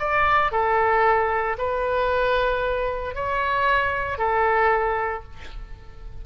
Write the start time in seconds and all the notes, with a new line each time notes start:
0.00 D5
0.52 A4
1.58 B4
3.15 C#5
4.19 A4